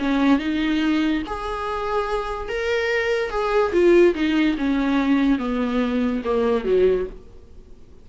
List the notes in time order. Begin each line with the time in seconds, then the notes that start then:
0.00 C#4
0.40 D#4
1.27 G#4
2.49 A#4
3.31 G#4
3.73 F4
4.15 D#4
4.58 C#4
5.39 B3
6.25 A#3
6.65 F#3